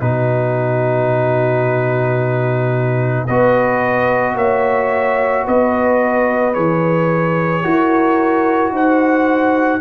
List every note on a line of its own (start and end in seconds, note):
0.00 3.28 B2
0.00 3.28 D#4
0.00 3.25 F#4
0.00 3.27 B4
3.25 4.35 B3
3.25 6.54 F#4
3.25 4.35 B4
3.25 4.36 D#5
4.35 5.44 A#3
4.35 5.45 C#5
4.35 5.47 E5
5.45 6.56 B3
5.45 7.63 B4
5.45 6.54 D#5
6.54 7.65 E3
6.54 7.63 G#4
6.54 8.72 C#5
7.63 8.71 E4
7.63 9.81 F#4
7.63 8.73 A#4
8.71 9.80 D#4
8.71 9.81 C5
8.71 9.81 F#5